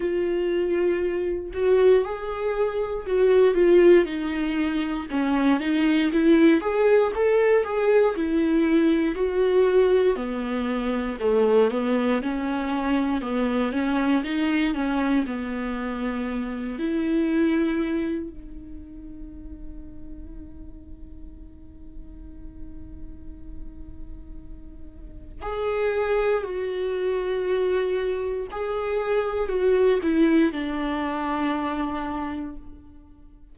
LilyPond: \new Staff \with { instrumentName = "viola" } { \time 4/4 \tempo 4 = 59 f'4. fis'8 gis'4 fis'8 f'8 | dis'4 cis'8 dis'8 e'8 gis'8 a'8 gis'8 | e'4 fis'4 b4 a8 b8 | cis'4 b8 cis'8 dis'8 cis'8 b4~ |
b8 e'4. dis'2~ | dis'1~ | dis'4 gis'4 fis'2 | gis'4 fis'8 e'8 d'2 | }